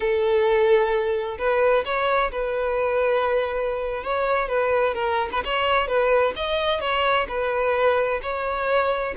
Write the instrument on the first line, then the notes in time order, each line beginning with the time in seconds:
violin
0.00 A4
1.38 B4
1.85 C#5
2.31 B4
4.03 C#5
4.48 B4
4.94 A#4
5.31 B4
5.44 C#5
5.87 B4
6.36 D#5
6.80 C#5
7.28 B4
8.22 C#5